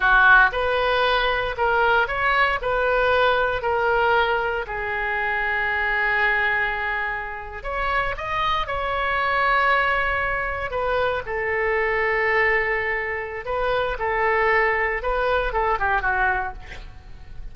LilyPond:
\new Staff \with { instrumentName = "oboe" } { \time 4/4 \tempo 4 = 116 fis'4 b'2 ais'4 | cis''4 b'2 ais'4~ | ais'4 gis'2.~ | gis'2~ gis'8. cis''4 dis''16~ |
dis''8. cis''2.~ cis''16~ | cis''8. b'4 a'2~ a'16~ | a'2 b'4 a'4~ | a'4 b'4 a'8 g'8 fis'4 | }